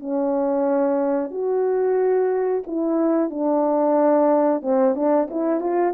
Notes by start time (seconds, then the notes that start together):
0.00 C#4
1.31 F#4
2.67 E4
3.31 D4
4.62 C4
4.95 D4
5.31 E4
5.61 F4